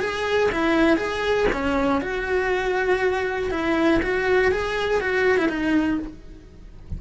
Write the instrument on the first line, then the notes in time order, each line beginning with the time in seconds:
cello
0.00 G#4
0.51 E4
0.97 G#4
1.52 C#4
2.01 F#4
3.51 E4
4.02 F#4
4.51 G#4
5.01 F#4
5.38 E4
5.48 D#4